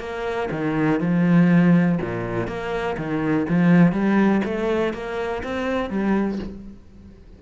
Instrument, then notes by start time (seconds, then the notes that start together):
cello
0.00 A#3
0.51 D#3
1.00 F3
2.02 A#2
2.48 A#3
2.98 D#3
3.49 F3
3.92 G3
4.45 A3
4.94 A#3
5.43 C4
5.90 G3